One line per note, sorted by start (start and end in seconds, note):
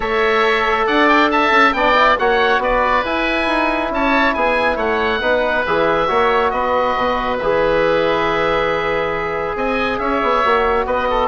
0.00 0.87 A3
0.00 1.72 A4
0.00 0.85 C#5
0.00 0.87 E5
0.87 1.50 D4
0.87 1.30 D5
0.87 1.08 F#5
1.08 1.30 G5
1.30 1.75 E5
1.30 1.72 A5
1.50 1.72 C#4
1.72 2.16 B3
1.72 1.94 D4
1.72 2.19 D5
1.72 2.16 G5
1.94 2.16 E4
2.18 2.58 A#3
2.18 3.03 F#4
2.18 2.62 C#5
2.18 2.62 F#5
2.58 3.02 B3
2.58 3.92 B4
2.58 3.05 D5
3.03 5.21 E4
3.03 3.46 E4
3.03 3.92 G#5
3.46 3.90 D#4
3.90 4.34 C#4
3.90 4.35 C#5
3.90 4.33 A5
4.33 4.76 B3
4.33 4.76 G#4
4.33 4.77 G#5
4.76 5.20 A3
4.76 5.19 C#5
4.76 5.65 F#5
5.20 5.64 B3
5.20 5.64 D#4
5.20 6.07 B4
5.65 6.09 E3
5.65 6.07 G#4
5.65 6.50 E5
6.07 6.52 A#3
6.07 7.38 F#4
6.07 6.52 C#5
6.50 6.95 B3
6.50 9.57 B4
6.50 7.37 D#5
6.96 7.40 B2
7.38 9.55 E3
7.38 10.44 G#4
7.38 9.55 E5
9.55 9.98 C4
9.55 10.00 D#5
9.55 9.98 G#5
9.98 10.21 C#4
9.98 10.86 C#5
9.98 10.85 E5
10.22 10.44 B3
10.44 10.85 A#3
10.44 11.28 F#4
10.85 11.28 B3
10.85 11.08 B4
10.85 11.28 D#5
11.10 11.28 A4